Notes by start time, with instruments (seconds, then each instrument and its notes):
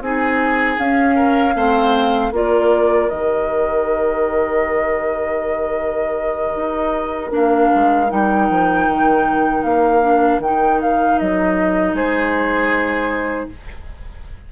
0.00 bassoon C4, clarinet D#4, oboe G#4, flute G#5
0.78 clarinet C#4, bassoon C#4, flute F5
1.15 oboe A#4
1.54 bassoon A3, clarinet C4, oboe C5
2.32 bassoon A#3, clarinet F4, oboe A#4, flute D5
3.08 bassoon D#3, clarinet G4, flute D#5
6.55 bassoon D#4
7.29 bassoon A#3, clarinet D4, flute F5
7.74 bassoon G#3
8.09 bassoon G3, clarinet D#4, flute G5
8.49 bassoon F3
8.87 bassoon D#3
9.63 bassoon A#3, flute F5
10.02 clarinet D4
10.38 bassoon D#3, clarinet D#4, flute G5
10.81 flute F5
11.18 bassoon F#3, flute D#5
11.93 bassoon G#3, oboe G#4, flute C5